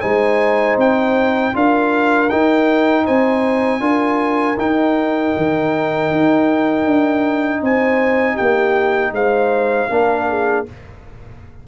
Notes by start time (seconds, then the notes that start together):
0.00 G#3 D#4 C5 G#5
0.77 C4 G5
1.53 D4 F4 A#4 F5
2.29 D#4 G5
3.04 C4 C5 G#5
3.80 D4 F4 A#4
4.57 D#4 G5
5.37 D#3
6.11 D#4
6.85 D4
7.61 C4 C5 G#5
8.34 A#3 G4 G5
9.12 G#3 C5 F5
9.90 A#3 D4 A#4
10.29 G#4